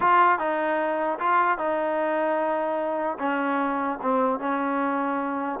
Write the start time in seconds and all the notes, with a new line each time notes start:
0.00 F4
0.38 D#4
1.19 F4
1.58 D#4
3.18 C#4
4.01 C4
4.39 C#4